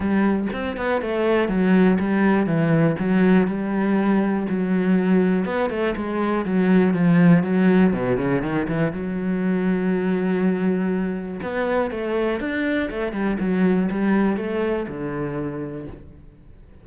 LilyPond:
\new Staff \with { instrumentName = "cello" } { \time 4/4 \tempo 4 = 121 g4 c'8 b8 a4 fis4 | g4 e4 fis4 g4~ | g4 fis2 b8 a8 | gis4 fis4 f4 fis4 |
b,8 cis8 dis8 e8 fis2~ | fis2. b4 | a4 d'4 a8 g8 fis4 | g4 a4 d2 | }